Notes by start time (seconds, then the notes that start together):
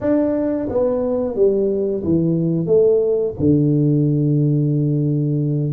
0.01 D4
0.69 B3
1.35 G3
2.03 E3
2.66 A3
3.39 D3